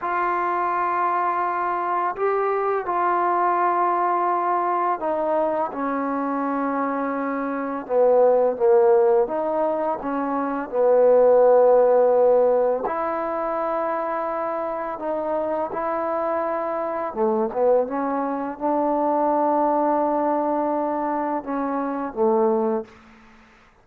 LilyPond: \new Staff \with { instrumentName = "trombone" } { \time 4/4 \tempo 4 = 84 f'2. g'4 | f'2. dis'4 | cis'2. b4 | ais4 dis'4 cis'4 b4~ |
b2 e'2~ | e'4 dis'4 e'2 | a8 b8 cis'4 d'2~ | d'2 cis'4 a4 | }